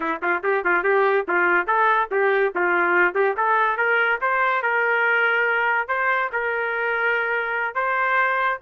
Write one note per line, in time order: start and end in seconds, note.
0.00 0.21 E4
0.21 0.42 F4
0.43 0.64 G4
0.64 0.83 F4
0.83 1.25 G4
1.28 1.66 F4
1.66 2.08 A4
2.11 2.53 G4
2.55 3.14 F4
3.14 3.35 G4
3.36 3.77 A4
3.77 4.19 A#4
4.21 4.62 C5
4.62 5.88 A#4
5.88 6.30 C5
6.32 7.75 A#4
7.75 8.58 C5